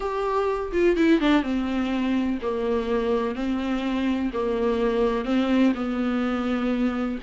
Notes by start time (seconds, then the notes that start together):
0.00 G4
0.72 F4
0.96 E4
1.20 D4
1.42 C4
2.42 A#3
3.35 C4
4.33 A#3
5.25 C4
5.75 B3